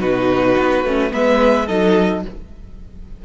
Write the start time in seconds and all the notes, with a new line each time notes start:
0.00 B2 D#4 F#4 B4
0.57 B3
0.84 A3 C#4
1.10 G#3 B3 B4 E5
1.66 F#3 D#4 A4 D#5